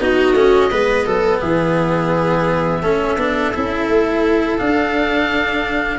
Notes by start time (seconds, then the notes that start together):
0.00 B3 D#4 F#4 D#5
0.34 A3 C#4
0.71 G#3 B3 B4
1.06 F#3 A4
1.40 E3 G#4 E5
2.83 A3 C#4 A4
3.17 B3 D4
3.54 C#4 E4
3.89 A3
4.59 D4 F5